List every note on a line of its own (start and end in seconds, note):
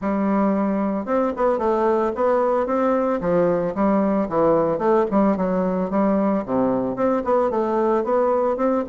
0.01 1.05 G3
1.05 1.32 C4
1.36 1.58 B3
1.58 2.12 A3
2.15 2.66 B3
2.66 3.19 C4
3.20 3.74 F3
3.74 4.28 G3
4.29 4.78 E3
4.78 5.05 A3
5.10 5.36 G3
5.36 5.90 F#3
5.90 6.44 G3
6.45 6.96 C3
6.96 7.22 C4
7.24 7.50 B3
7.50 8.04 A3
8.04 8.56 B3
8.56 8.83 C4